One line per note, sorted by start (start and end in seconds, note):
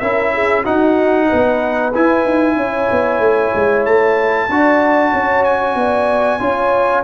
0.00 0.65 C#4
0.00 0.65 E4
0.00 0.32 A#4
0.00 0.64 E5
0.34 0.62 G#4
0.62 1.93 D#4
0.62 1.30 D#4
0.62 1.26 F#4
0.62 1.93 F#5
1.28 1.95 B3
1.28 2.56 B4
1.94 4.49 E4
1.94 2.24 E4
1.94 3.86 G#5
2.24 2.56 D#4
2.56 2.88 C#4
2.56 4.48 C#5
2.91 3.19 B3
3.19 3.51 A3
3.55 3.86 G#3
3.86 4.49 A3
3.86 5.44 A5
4.49 5.13 D4
4.49 6.40 F#4
4.49 5.11 D5
5.11 5.75 C#4
5.11 5.75 C#5
5.44 7.03 G#5
5.75 6.39 B3
5.75 6.40 D5
6.40 7.03 C#4
6.40 7.03 F4
6.40 7.03 C#5